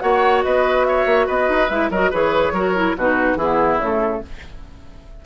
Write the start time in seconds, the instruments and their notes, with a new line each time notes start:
0.00 bassoon A#3, clarinet F#4, oboe C#5, flute F#5
0.43 bassoon B3, oboe B4, flute D#5
0.85 oboe C#5, flute E5
1.06 bassoon A#3
1.27 bassoon B3, oboe B4, flute D#5
1.49 bassoon D#4
1.70 bassoon G#3, clarinet E4, flute E5
1.90 bassoon F#3, clarinet F#4, oboe A#4, flute D#5
2.11 bassoon E3, clarinet G#4, oboe B4, flute C#5
2.52 bassoon F#3, clarinet F#4, oboe A#4
2.75 clarinet E4
2.97 bassoon B2, clarinet D#4, oboe F#4, flute B4
3.36 bassoon E3, clarinet B3, oboe E4, flute G#4
3.78 bassoon C#3, clarinet A3, flute A4